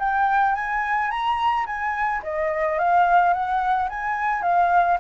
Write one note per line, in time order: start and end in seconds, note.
0.00 0.56 G5
0.56 1.11 G#5
1.11 1.66 A#5
1.67 2.22 G#5
2.23 2.79 D#5
2.79 3.34 F5
3.34 3.89 F#5
3.90 4.43 G#5
4.43 4.98 F5